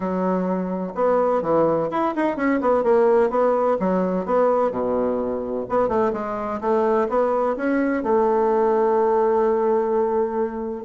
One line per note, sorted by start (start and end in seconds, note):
0.00 0.92 F#3
0.94 1.42 B3
1.42 1.89 E3
1.90 2.14 E4
2.15 2.36 D#4
2.36 2.60 C#4
2.60 2.83 B3
2.83 3.29 A#3
3.29 3.77 B3
3.79 4.25 F#3
4.25 4.71 B3
4.71 5.65 B2
5.69 5.88 B3
5.88 6.12 A3
6.13 6.60 G#3
6.61 7.08 A3
7.08 7.56 B3
7.56 8.03 C#4
8.03 10.84 A3